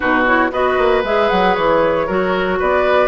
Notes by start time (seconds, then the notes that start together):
0.00 B2 D#4 F#4 B4
0.25 E4 C#5
0.51 B3 F#4 B4 D#5
0.77 A#3
1.03 G#3 G#4 E5
1.29 F#3 F#5
1.54 E3 C#5
2.06 F#3 F#4 A#4
2.59 B3 B4 D5